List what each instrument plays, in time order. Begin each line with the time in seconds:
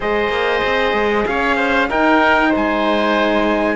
0.00 cello G#3, horn G#4, oboe C5, trumpet D#5
0.29 cello A#3
0.64 cello C4
0.92 cello G#3
1.26 cello C#4, oboe C#5, trumpet F5
1.56 oboe C5
1.89 horn D#4, cello D#4, oboe A#4, trumpet G5
2.49 oboe C5
2.56 cello G#3, trumpet G#5